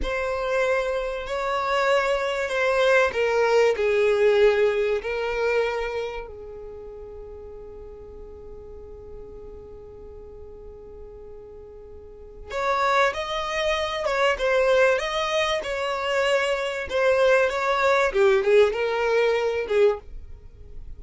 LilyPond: \new Staff \with { instrumentName = "violin" } { \time 4/4 \tempo 4 = 96 c''2 cis''2 | c''4 ais'4 gis'2 | ais'2 gis'2~ | gis'1~ |
gis'1 | cis''4 dis''4. cis''8 c''4 | dis''4 cis''2 c''4 | cis''4 g'8 gis'8 ais'4. gis'8 | }